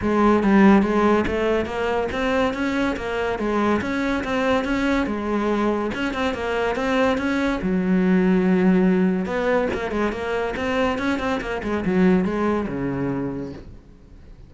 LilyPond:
\new Staff \with { instrumentName = "cello" } { \time 4/4 \tempo 4 = 142 gis4 g4 gis4 a4 | ais4 c'4 cis'4 ais4 | gis4 cis'4 c'4 cis'4 | gis2 cis'8 c'8 ais4 |
c'4 cis'4 fis2~ | fis2 b4 ais8 gis8 | ais4 c'4 cis'8 c'8 ais8 gis8 | fis4 gis4 cis2 | }